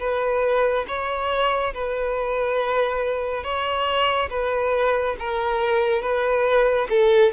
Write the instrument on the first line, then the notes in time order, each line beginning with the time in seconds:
violin
0.00 B4
0.88 C#5
1.74 B4
3.44 C#5
4.31 B4
5.19 A#4
6.02 B4
6.90 A4